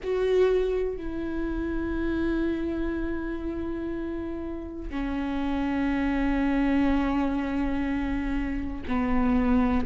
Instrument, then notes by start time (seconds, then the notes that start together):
viola
0.03 F#4
0.97 E4
4.90 C#4
8.88 B3